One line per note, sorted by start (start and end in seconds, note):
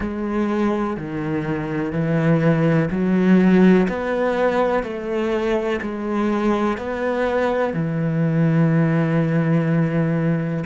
0.00 0.96 G#3
0.97 1.92 D#3
1.92 2.89 E3
2.90 3.87 F#3
3.88 4.83 B3
4.83 5.80 A3
5.81 6.77 G#3
6.77 7.73 B3
7.73 10.64 E3